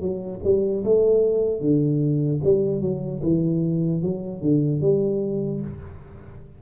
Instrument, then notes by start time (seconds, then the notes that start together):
tuba
0.00 F#3
0.44 G3
0.84 A3
1.61 D3
2.44 G3
2.81 F#3
3.23 E3
4.03 F#3
4.42 D3
4.81 G3